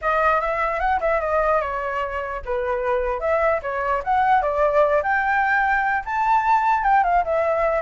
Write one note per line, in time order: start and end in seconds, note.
0.01 0.40 D#5
0.40 0.79 E5
0.79 0.99 F#5
1.00 1.20 E5
1.20 1.61 D#5
1.61 2.41 C#5
2.45 3.20 B4
3.20 3.60 E5
3.62 4.02 C#5
4.04 4.41 F#5
4.41 5.02 D5
5.02 6.03 G5
6.05 6.83 A5
6.83 7.03 G5
7.03 7.23 F5
7.24 7.82 E5